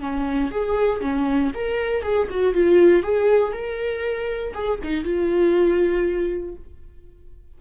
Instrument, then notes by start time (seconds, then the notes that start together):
viola
0.00 C#4
0.51 G#4
1.01 C#4
1.54 A#4
2.02 G#4
2.30 F#4
2.54 F4
3.03 G#4
3.52 A#4
4.54 G#4
4.83 D#4
5.04 F4